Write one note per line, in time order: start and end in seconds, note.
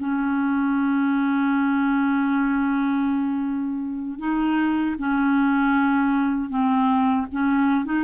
0.00 4.19 C#4
4.19 4.96 D#4
4.99 6.50 C#4
6.50 7.27 C4
7.32 7.86 C#4
7.86 8.04 D#4